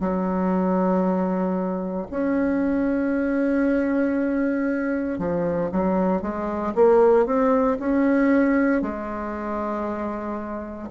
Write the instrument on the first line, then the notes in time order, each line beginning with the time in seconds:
bassoon
0.00 F#3
2.10 C#4
5.19 F3
5.71 F#3
6.22 G#3
6.75 A#3
7.26 C4
7.80 C#4
8.82 G#3